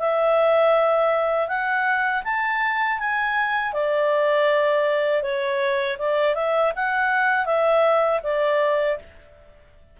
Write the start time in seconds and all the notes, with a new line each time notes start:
0.00 E5
1.48 F#5
2.24 A5
2.99 G#5
3.73 D5
5.23 C#5
5.99 D5
6.35 E5
6.76 F#5
7.46 E5
8.24 D5